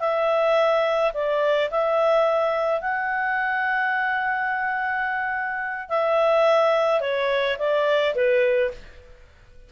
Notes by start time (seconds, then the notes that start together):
0.00 E5
1.14 D5
1.71 E5
2.81 F#5
5.89 E5
7.01 C#5
7.59 D5
8.15 B4